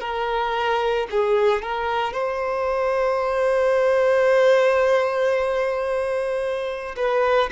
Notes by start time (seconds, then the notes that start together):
0.00 A#4
1.11 G#4
1.62 A#4
2.13 C5
6.96 B4